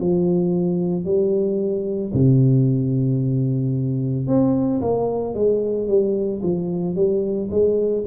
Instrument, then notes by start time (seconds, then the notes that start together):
tuba
0.00 F3
1.05 G3
2.14 C3
4.28 C4
4.81 A#3
5.35 G#3
5.88 G3
6.43 F3
6.96 G3
7.51 G#3